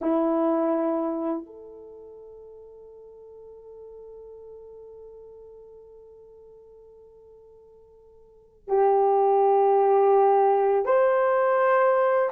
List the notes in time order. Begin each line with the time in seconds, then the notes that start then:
0.01 E4
1.46 A4
8.68 G4
10.85 C5